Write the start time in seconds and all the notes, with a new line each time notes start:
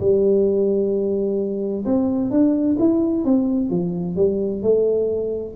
0.00 G3
1.85 C4
2.31 D4
2.79 E4
3.24 C4
3.70 F3
4.16 G3
4.62 A3